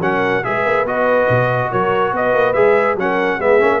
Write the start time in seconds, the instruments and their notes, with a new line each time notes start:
0.00 tuba F#3, trombone C#4, horn A#4, trumpet F#5
0.43 tuba G#3, trombone G#4, horn B4, trumpet E5
0.65 tuba A#3
0.84 tuba B3, trombone F#4, trumpet D#5
1.29 tuba B2
1.70 tuba F#3, horn A#4, trumpet C#5
2.12 tuba B3, horn B4, trumpet D#5
2.33 tuba A#3
2.53 tuba G#3, trombone G#4, trumpet E5
2.95 tuba F#3, trombone C#4, horn A#4, trumpet F#5
3.38 tuba G#3, trombone B3, horn G#4, trumpet E5
3.59 tuba A#3, trombone C#4